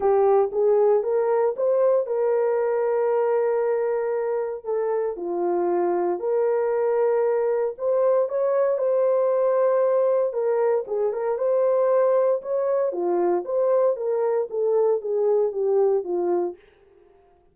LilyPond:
\new Staff \with { instrumentName = "horn" } { \time 4/4 \tempo 4 = 116 g'4 gis'4 ais'4 c''4 | ais'1~ | ais'4 a'4 f'2 | ais'2. c''4 |
cis''4 c''2. | ais'4 gis'8 ais'8 c''2 | cis''4 f'4 c''4 ais'4 | a'4 gis'4 g'4 f'4 | }